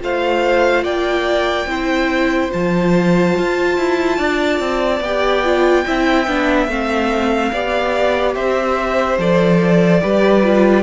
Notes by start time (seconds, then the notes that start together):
0.00 A3 F4 C5 F5
0.84 A#3 D5 G5
1.66 C4 E4 C5
2.50 F3 F4 A5
3.38 F4
3.77 E4
4.18 D4 D5
4.60 C4
5.00 B3 G4 G5
5.44 F4
5.85 C4 E4 E5
6.27 B3 D4
6.68 A3 C4 F5
7.52 B3 G4 D5
8.35 C4 C5 E5
9.18 F3 A4 D5
10.01 G3 G4 B4
10.43 F4